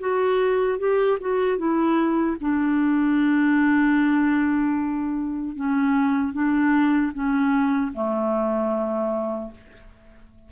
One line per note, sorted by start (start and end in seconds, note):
0.00 0.79 F#4
0.79 1.18 G4
1.21 1.58 F#4
1.58 2.37 E4
2.41 5.56 D4
5.56 6.33 C#4
6.33 7.12 D4
7.13 7.92 C#4
7.94 9.52 A3